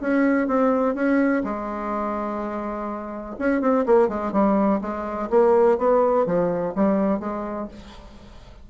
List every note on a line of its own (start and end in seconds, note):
0.00 0.47 C#4
0.47 0.95 C4
0.95 1.43 C#4
1.44 3.36 G#3
3.38 3.61 C#4
3.61 3.85 C4
3.86 4.08 A#3
4.08 4.32 G#3
4.32 4.80 G3
4.81 5.29 G#3
5.30 5.78 A#3
5.78 6.26 B3
6.26 6.74 F3
6.75 7.19 G3
7.19 7.67 G#3